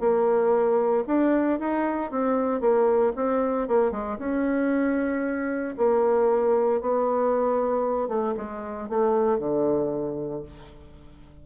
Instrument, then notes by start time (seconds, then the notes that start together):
bassoon
0.00 A#3
1.08 D4
1.60 D#4
2.11 C4
2.61 A#3
3.16 C4
3.68 A#3
3.92 G#3
4.19 C#4
5.78 A#3
6.81 B3
8.08 A3
8.38 G#3
8.90 A3
9.39 D3